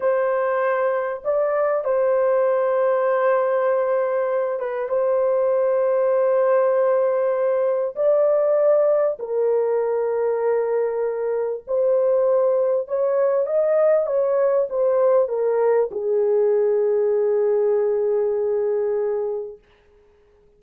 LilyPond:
\new Staff \with { instrumentName = "horn" } { \time 4/4 \tempo 4 = 98 c''2 d''4 c''4~ | c''2.~ c''8 b'8 | c''1~ | c''4 d''2 ais'4~ |
ais'2. c''4~ | c''4 cis''4 dis''4 cis''4 | c''4 ais'4 gis'2~ | gis'1 | }